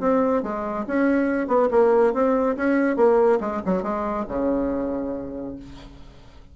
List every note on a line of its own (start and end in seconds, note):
0.00 0.43 C4
0.43 0.85 G#3
0.87 1.48 C#4
1.48 1.69 B3
1.71 2.13 A#3
2.14 2.56 C4
2.56 2.97 C#4
2.97 3.39 A#3
3.40 3.62 G#3
3.65 3.83 F#3
3.83 4.25 G#3
4.28 5.56 C#3